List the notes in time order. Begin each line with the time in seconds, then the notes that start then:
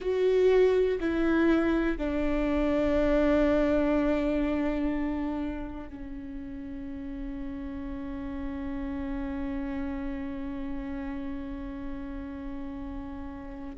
0.00 F#4
1.00 E4
1.97 D4
5.89 C#4